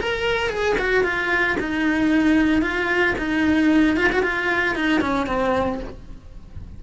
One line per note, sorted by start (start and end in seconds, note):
0.00 0.49 A#4
0.49 0.76 G#4
0.78 1.04 F#4
1.04 1.57 F4
1.60 2.61 D#4
2.61 3.14 F4
3.18 3.97 D#4
3.97 4.10 F4
4.12 4.23 F#4
4.23 4.75 F4
4.75 5.01 D#4
5.01 5.27 C#4
5.27 5.80 C4